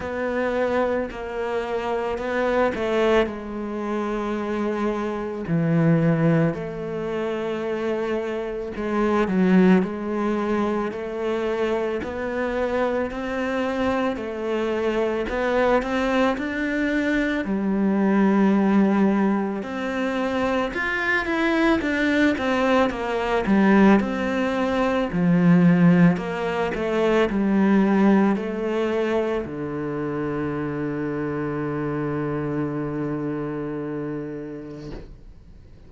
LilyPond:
\new Staff \with { instrumentName = "cello" } { \time 4/4 \tempo 4 = 55 b4 ais4 b8 a8 gis4~ | gis4 e4 a2 | gis8 fis8 gis4 a4 b4 | c'4 a4 b8 c'8 d'4 |
g2 c'4 f'8 e'8 | d'8 c'8 ais8 g8 c'4 f4 | ais8 a8 g4 a4 d4~ | d1 | }